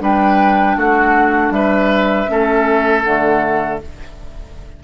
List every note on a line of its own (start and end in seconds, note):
0.00 0.76 G3
0.00 2.27 D4
0.00 0.77 B4
0.00 0.78 G5
0.76 1.51 A3
0.76 1.53 F#4
0.76 1.52 F#5
1.51 2.27 G3
1.51 2.31 B4
1.51 3.03 E5
2.27 3.05 A3
2.27 3.03 C#4
2.27 3.84 A4
3.03 3.81 D3
3.03 3.81 A3
3.03 3.79 F#5